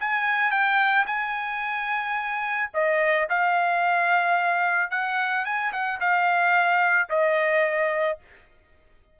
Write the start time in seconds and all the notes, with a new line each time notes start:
0.00 G#5
0.51 G5
1.07 G#5
2.74 D#5
3.30 F5
4.91 F#5
5.45 G#5
5.73 F#5
6.00 F5
7.10 D#5